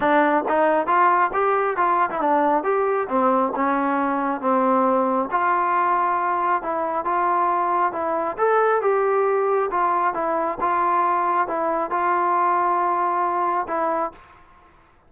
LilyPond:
\new Staff \with { instrumentName = "trombone" } { \time 4/4 \tempo 4 = 136 d'4 dis'4 f'4 g'4 | f'8. e'16 d'4 g'4 c'4 | cis'2 c'2 | f'2. e'4 |
f'2 e'4 a'4 | g'2 f'4 e'4 | f'2 e'4 f'4~ | f'2. e'4 | }